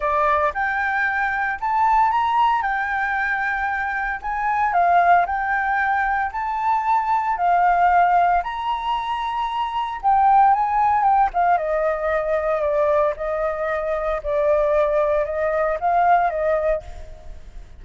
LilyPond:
\new Staff \with { instrumentName = "flute" } { \time 4/4 \tempo 4 = 114 d''4 g''2 a''4 | ais''4 g''2. | gis''4 f''4 g''2 | a''2 f''2 |
ais''2. g''4 | gis''4 g''8 f''8 dis''2 | d''4 dis''2 d''4~ | d''4 dis''4 f''4 dis''4 | }